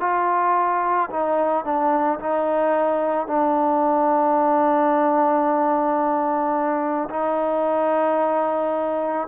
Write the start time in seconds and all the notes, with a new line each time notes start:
0.00 F4
1.10 D#4
1.65 D4
2.19 D#4
3.27 D4
7.10 D#4